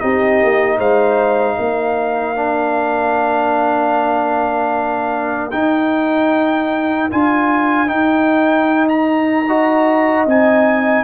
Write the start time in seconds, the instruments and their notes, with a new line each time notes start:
0.00 tuba C4, trombone D#4, horn G4, trumpet D#5
0.43 tuba A#3
0.79 tuba G#3, horn C5, trumpet F5
1.57 tuba A#3, horn A#4
2.36 trombone D4
5.52 trombone D#4, tuba D#4, trumpet G5
7.11 tuba D4, trombone F4, trumpet G#5
7.87 trombone D#4, tuba D#4, trumpet G5
8.89 trumpet A#5
9.47 trombone F#4, horn D#5
10.26 tuba C4, trombone D#4, trumpet G#5